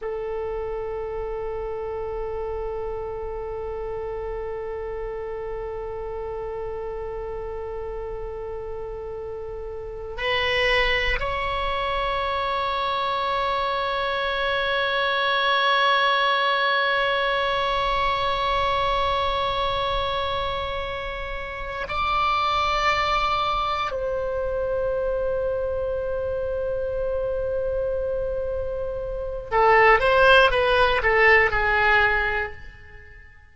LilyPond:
\new Staff \with { instrumentName = "oboe" } { \time 4/4 \tempo 4 = 59 a'1~ | a'1~ | a'2 b'4 cis''4~ | cis''1~ |
cis''1~ | cis''4. d''2 c''8~ | c''1~ | c''4 a'8 c''8 b'8 a'8 gis'4 | }